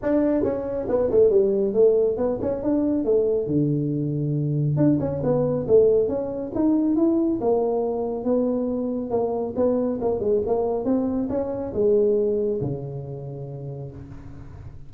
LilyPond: \new Staff \with { instrumentName = "tuba" } { \time 4/4 \tempo 4 = 138 d'4 cis'4 b8 a8 g4 | a4 b8 cis'8 d'4 a4 | d2. d'8 cis'8 | b4 a4 cis'4 dis'4 |
e'4 ais2 b4~ | b4 ais4 b4 ais8 gis8 | ais4 c'4 cis'4 gis4~ | gis4 cis2. | }